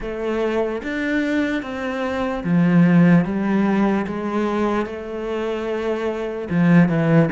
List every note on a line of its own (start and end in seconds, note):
0.00 0.81 A3
0.83 1.62 D4
1.62 2.43 C4
2.44 3.24 F3
3.24 4.05 G3
4.06 4.86 G#3
4.86 6.48 A3
6.50 6.88 F3
6.88 7.29 E3